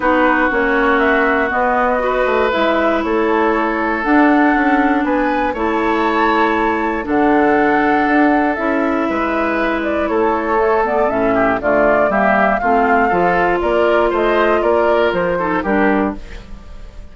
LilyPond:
<<
  \new Staff \with { instrumentName = "flute" } { \time 4/4 \tempo 4 = 119 b'4 cis''4 e''4 dis''4~ | dis''4 e''4 cis''2 | fis''2 gis''4 a''4~ | a''2 fis''2~ |
fis''4 e''2~ e''8 d''8 | cis''4. d''8 e''4 d''4 | e''4 f''2 d''4 | dis''4 d''4 c''4 ais'4 | }
  \new Staff \with { instrumentName = "oboe" } { \time 4/4 fis'1 | b'2 a'2~ | a'2 b'4 cis''4~ | cis''2 a'2~ |
a'2 b'2 | a'2~ a'8 g'8 f'4 | g'4 f'4 a'4 ais'4 | c''4 ais'4. a'8 g'4 | }
  \new Staff \with { instrumentName = "clarinet" } { \time 4/4 dis'4 cis'2 b4 | fis'4 e'2. | d'2. e'4~ | e'2 d'2~ |
d'4 e'2.~ | e'4 a8 b8 cis'4 a4 | ais4 c'4 f'2~ | f'2~ f'8 dis'8 d'4 | }
  \new Staff \with { instrumentName = "bassoon" } { \time 4/4 b4 ais2 b4~ | b8 a8 gis4 a2 | d'4 cis'4 b4 a4~ | a2 d2 |
d'4 cis'4 gis2 | a2 a,4 d4 | g4 a4 f4 ais4 | a4 ais4 f4 g4 | }
>>